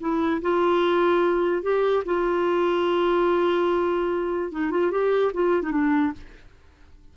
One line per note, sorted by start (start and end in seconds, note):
0.00 0.41 E4
0.41 1.62 F4
1.62 2.03 G4
2.05 4.51 F4
4.51 4.71 D#4
4.71 4.91 F4
4.91 5.32 G4
5.33 5.62 F4
5.62 5.71 D#4
5.71 6.12 D4